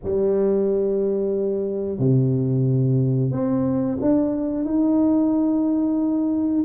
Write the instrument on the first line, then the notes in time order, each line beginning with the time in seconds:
tuba
0.03 G3
1.98 C3
3.31 C4
4.01 D4
4.65 D#4